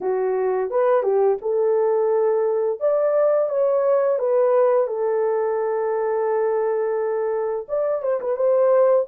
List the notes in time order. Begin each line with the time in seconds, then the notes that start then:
0.01 F#4
0.70 B4
1.02 G4
1.41 A4
2.80 D5
3.49 C#5
4.18 B4
4.87 A4
7.68 D5
8.02 C5
8.20 B4
8.36 C5